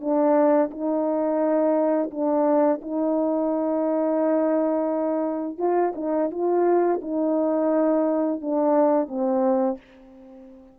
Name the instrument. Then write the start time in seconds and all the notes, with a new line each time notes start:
horn
0.00 D4
0.71 D#4
2.11 D4
2.81 D#4
5.58 F4
5.95 D#4
6.30 F4
7.01 D#4
8.41 D4
9.08 C4